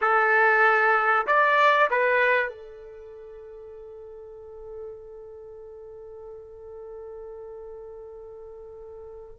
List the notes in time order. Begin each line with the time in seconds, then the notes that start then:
0.01 A4
1.26 D5
1.90 B4
2.49 A4